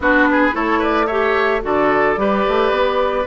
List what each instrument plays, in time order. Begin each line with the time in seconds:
0.00 bassoon B3, clarinet D4, oboe F#4, flute B4
0.31 oboe G#4
0.51 bassoon A3, clarinet E4, oboe A4, flute C#5
0.78 oboe B4, flute D5
1.06 clarinet G4, oboe C#5, flute E5
1.61 bassoon D3, clarinet F#4, oboe A4, flute D5
2.16 bassoon G3, clarinet G4, oboe B4
2.48 bassoon A3
2.70 bassoon B3